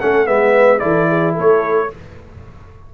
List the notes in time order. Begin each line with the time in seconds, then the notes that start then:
0.00 A3 C#4 A4 F#5
0.26 G#3 B3 B4 E5
0.79 E3 E4 A4 D5
1.08 G#4
1.34 A3 A4 C#5